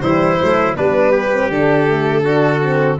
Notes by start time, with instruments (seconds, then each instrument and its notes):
0.00 tuba E3, horn G3, trumpet E4, violin C5
0.40 tuba F#3, horn A3
0.73 tuba G3, horn B3, trumpet D4, violin B4
1.11 trumpet G4
1.33 horn C4
1.49 tuba D3, horn D4, violin A4
1.87 horn A3
2.23 horn D4, trumpet F#4
2.62 horn C4